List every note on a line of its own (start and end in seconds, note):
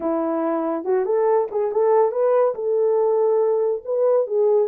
0.00 0.84 E4
0.84 1.05 F#4
1.05 1.47 A4
1.51 1.71 G#4
1.71 2.11 A4
2.11 2.54 B4
2.54 3.82 A4
3.85 4.26 B4
4.26 4.68 G#4